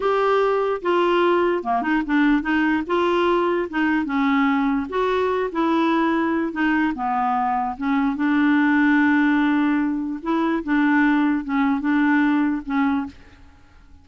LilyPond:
\new Staff \with { instrumentName = "clarinet" } { \time 4/4 \tempo 4 = 147 g'2 f'2 | ais8 dis'8 d'4 dis'4 f'4~ | f'4 dis'4 cis'2 | fis'4. e'2~ e'8 |
dis'4 b2 cis'4 | d'1~ | d'4 e'4 d'2 | cis'4 d'2 cis'4 | }